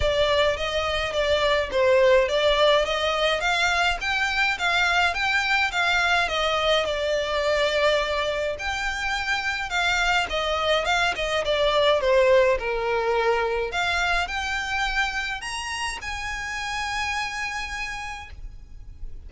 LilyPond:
\new Staff \with { instrumentName = "violin" } { \time 4/4 \tempo 4 = 105 d''4 dis''4 d''4 c''4 | d''4 dis''4 f''4 g''4 | f''4 g''4 f''4 dis''4 | d''2. g''4~ |
g''4 f''4 dis''4 f''8 dis''8 | d''4 c''4 ais'2 | f''4 g''2 ais''4 | gis''1 | }